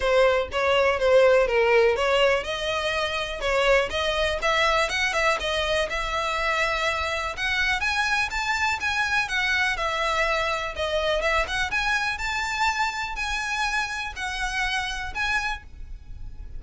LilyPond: \new Staff \with { instrumentName = "violin" } { \time 4/4 \tempo 4 = 123 c''4 cis''4 c''4 ais'4 | cis''4 dis''2 cis''4 | dis''4 e''4 fis''8 e''8 dis''4 | e''2. fis''4 |
gis''4 a''4 gis''4 fis''4 | e''2 dis''4 e''8 fis''8 | gis''4 a''2 gis''4~ | gis''4 fis''2 gis''4 | }